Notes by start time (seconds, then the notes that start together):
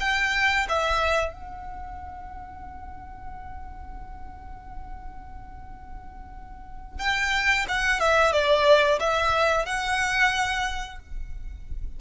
0.00 G5
0.69 E5
1.33 F#5
6.99 G5
7.68 F#5
8.00 E5
8.32 D5
9.00 E5
9.66 F#5